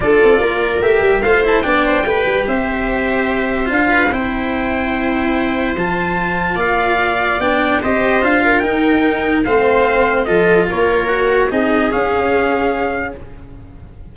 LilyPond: <<
  \new Staff \with { instrumentName = "trumpet" } { \time 4/4 \tempo 4 = 146 d''2 e''4 f''8 a''8 | g''2 e''2~ | e''4 f''4 g''2~ | g''2 a''2 |
f''2 g''4 dis''4 | f''4 g''2 f''4~ | f''4 dis''4 cis''2 | dis''4 f''2. | }
  \new Staff \with { instrumentName = "viola" } { \time 4/4 a'4 ais'2 c''4 | d''8 c''8 b'4 c''2~ | c''4. b'8 c''2~ | c''1 |
d''2. c''4~ | c''8 ais'2~ ais'8 c''4~ | c''4 a'4 ais'2 | gis'1 | }
  \new Staff \with { instrumentName = "cello" } { \time 4/4 f'2 g'4 f'8 e'8 | d'4 g'2.~ | g'4 f'4 e'2~ | e'2 f'2~ |
f'2 d'4 g'4 | f'4 dis'2 c'4~ | c'4 f'2 fis'4 | dis'4 cis'2. | }
  \new Staff \with { instrumentName = "tuba" } { \time 4/4 d'8 c'8 ais4 a8 g8 a4 | b4 a8 g8 c'2~ | c'4 d'4 c'2~ | c'2 f2 |
ais2 b4 c'4 | d'4 dis'2 a4~ | a4 f4 ais2 | c'4 cis'2. | }
>>